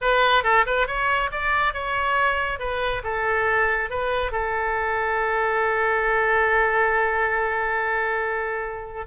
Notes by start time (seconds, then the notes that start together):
0.01 B4
0.43 A4
0.66 B4
0.87 C#5
1.31 D5
1.73 C#5
2.59 B4
3.03 A4
3.89 B4
4.31 A4